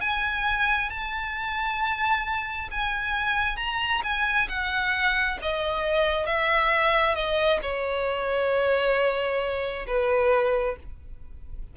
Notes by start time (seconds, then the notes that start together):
0.00 G#5
0.90 A5
2.71 G#5
3.56 A#5
4.03 G#5
4.48 F#5
5.41 D#5
6.26 E5
7.14 D#5
7.62 C#5
9.86 B4